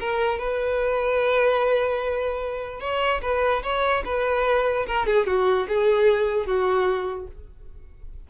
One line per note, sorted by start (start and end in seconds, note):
0.00 0.39 A#4
0.39 2.80 B4
2.80 3.21 C#5
3.22 3.63 B4
3.63 4.03 C#5
4.05 4.86 B4
4.86 5.06 A#4
5.06 5.26 G#4
5.27 5.67 F#4
5.68 6.46 G#4
6.46 7.27 F#4